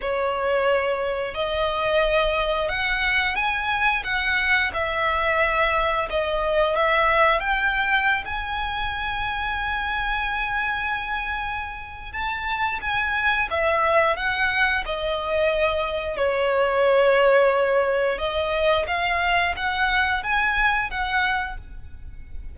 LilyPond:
\new Staff \with { instrumentName = "violin" } { \time 4/4 \tempo 4 = 89 cis''2 dis''2 | fis''4 gis''4 fis''4 e''4~ | e''4 dis''4 e''4 g''4~ | g''16 gis''2.~ gis''8.~ |
gis''2 a''4 gis''4 | e''4 fis''4 dis''2 | cis''2. dis''4 | f''4 fis''4 gis''4 fis''4 | }